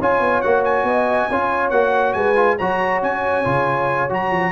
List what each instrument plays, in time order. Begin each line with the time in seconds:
0.00 tuba C#4, trombone F4, horn C#5, trumpet G#5
0.20 tuba B3
0.41 tuba A#3, trombone F#4, trumpet F#5
0.64 trumpet G#5
0.83 tuba B3, horn D#5
1.30 tuba C#4, trombone F4, horn C#5
1.70 tuba A#3, trombone F#4, trumpet F#5
2.13 tuba G#3, horn B4, trumpet G#5
2.35 trombone F4
2.58 tuba F#3, trombone F#4, horn C#5, trumpet A#5
3.02 tuba C#4, trumpet G#5
3.45 tuba C#3, trombone F4
4.09 tuba F#3, trombone F#4, trumpet A#5
4.31 tuba F3